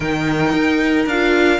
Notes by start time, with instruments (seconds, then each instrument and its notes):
0.00 cello D#3, viola D#4, violin A#4 G5
0.53 cello D#4
1.05 cello D4, viola F4, violin F5